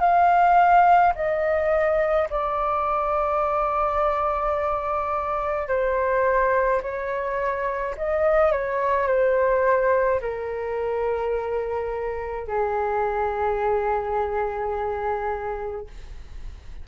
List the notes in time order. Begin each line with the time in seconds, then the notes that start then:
0.00 F5
1.15 D#5
2.30 D5
5.68 C5
6.82 C#5
7.97 D#5
8.51 C#5
9.07 C5
10.21 A#4
12.47 G#4